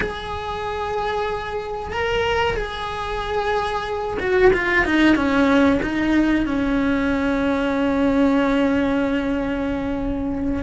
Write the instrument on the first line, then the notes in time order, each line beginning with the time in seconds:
cello
0.00 G#4
1.92 A#4
2.56 G#4
4.19 F#4
4.53 F4
4.85 D#4
5.15 C#4
5.82 D#4
6.45 C#4